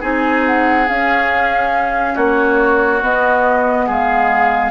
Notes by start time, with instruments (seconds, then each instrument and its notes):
0.00 bassoon C4, clarinet D#4, oboe G#4, flute G#5
0.46 flute F#5
0.88 clarinet C#4, bassoon C#4, flute F5
2.14 bassoon A#3, oboe F#4, flute C#5
3.01 clarinet B3, bassoon B3, flute D#5
3.87 bassoon G#3, oboe G#4, flute F5